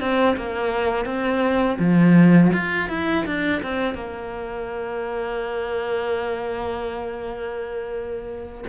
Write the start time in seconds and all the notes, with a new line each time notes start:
0.00 C4
0.36 A#3
1.05 C4
1.79 F3
2.53 F4
2.89 E4
3.26 D4
3.62 C4
3.94 A#3